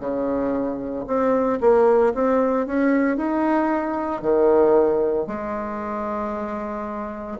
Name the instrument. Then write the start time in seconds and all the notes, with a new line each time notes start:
bassoon
0.00 C#3
1.07 C4
1.61 A#3
2.14 C4
2.67 C#4
3.17 D#4
4.22 D#3
5.27 G#3